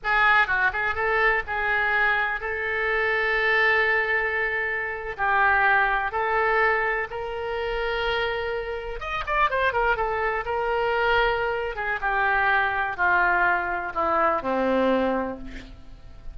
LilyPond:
\new Staff \with { instrumentName = "oboe" } { \time 4/4 \tempo 4 = 125 gis'4 fis'8 gis'8 a'4 gis'4~ | gis'4 a'2.~ | a'2~ a'8. g'4~ g'16~ | g'8. a'2 ais'4~ ais'16~ |
ais'2~ ais'8. dis''8 d''8 c''16~ | c''16 ais'8 a'4 ais'2~ ais'16~ | ais'8 gis'8 g'2 f'4~ | f'4 e'4 c'2 | }